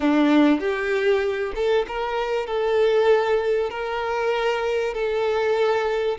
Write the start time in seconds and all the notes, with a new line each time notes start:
0.00 D4
0.60 G4
1.55 A4
1.87 A#4
2.46 A4
3.70 A#4
4.94 A4